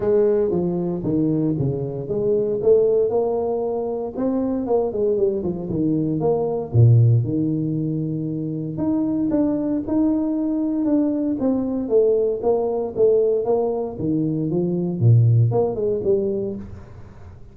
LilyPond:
\new Staff \with { instrumentName = "tuba" } { \time 4/4 \tempo 4 = 116 gis4 f4 dis4 cis4 | gis4 a4 ais2 | c'4 ais8 gis8 g8 f8 dis4 | ais4 ais,4 dis2~ |
dis4 dis'4 d'4 dis'4~ | dis'4 d'4 c'4 a4 | ais4 a4 ais4 dis4 | f4 ais,4 ais8 gis8 g4 | }